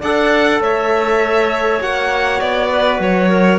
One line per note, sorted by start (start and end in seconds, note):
0.00 0.60 D4
0.00 1.82 A4
0.00 0.60 D5
0.00 0.62 F#5
0.60 1.80 A3
0.60 2.71 C#5
0.60 1.82 E5
1.81 2.41 A#3
1.81 3.59 F#4
1.81 2.40 F#5
2.40 3.00 B3
2.40 3.00 D5
2.71 3.29 B4
3.00 3.59 F#3
3.00 3.59 C#5
3.29 3.59 A#4